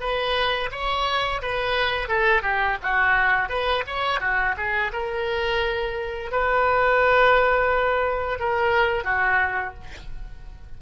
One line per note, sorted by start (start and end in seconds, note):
0.00 0.70 B4
0.72 1.41 C#5
1.42 2.08 B4
2.08 2.42 A4
2.42 2.77 G4
2.83 3.49 F#4
3.49 3.84 B4
3.87 4.21 C#5
4.21 4.55 F#4
4.57 4.92 G#4
4.92 6.31 A#4
6.31 8.39 B4
8.39 9.04 A#4
9.04 9.74 F#4